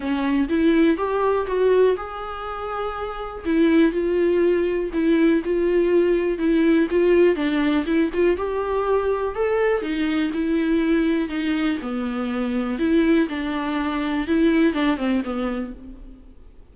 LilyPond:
\new Staff \with { instrumentName = "viola" } { \time 4/4 \tempo 4 = 122 cis'4 e'4 g'4 fis'4 | gis'2. e'4 | f'2 e'4 f'4~ | f'4 e'4 f'4 d'4 |
e'8 f'8 g'2 a'4 | dis'4 e'2 dis'4 | b2 e'4 d'4~ | d'4 e'4 d'8 c'8 b4 | }